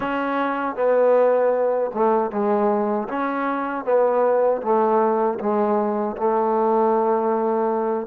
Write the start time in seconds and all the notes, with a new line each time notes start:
0.00 C#4
0.75 B3
1.94 A3
2.31 G#3
3.08 C#4
3.85 B3
4.62 A3
5.39 G#3
6.16 A3